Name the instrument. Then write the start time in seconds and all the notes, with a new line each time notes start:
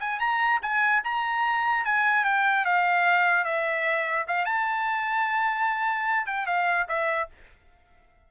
trumpet
0.00 G#5
0.20 A#5
0.62 G#5
1.04 A#5
1.85 G#5
2.25 G5
2.66 F5
3.45 E5
4.28 F5
4.46 A5
6.27 G5
6.47 F5
6.89 E5